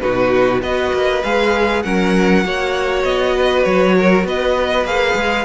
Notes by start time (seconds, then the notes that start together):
0.00 B2 D#4 F#4 B4
0.61 B3 F#4 B4 D#5
0.93 A#3
1.23 G#3 G#4 F5
1.83 F#3 C#4 A#4 F#5
2.44 A#3 F#4 C#5
3.03 B3 D#5
3.35 B4
3.63 F#3 C#5
3.97 A#4
4.25 B3 B4 D#5
4.84 A#3 G#4 F5
5.15 G#3